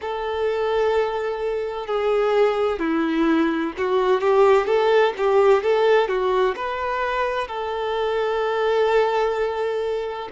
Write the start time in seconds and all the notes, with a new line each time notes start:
0.01 A4
1.87 G#4
2.79 E4
3.78 F#4
4.20 G4
4.66 A4
5.17 G4
5.62 A4
6.08 F#4
6.56 B4
7.47 A4